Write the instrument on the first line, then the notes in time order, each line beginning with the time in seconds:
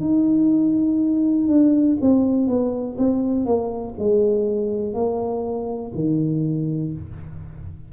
tuba
0.00 D#4
1.48 D4
2.01 C4
2.47 B3
2.97 C4
3.45 A#3
3.98 G#3
4.94 A#3
5.94 D#3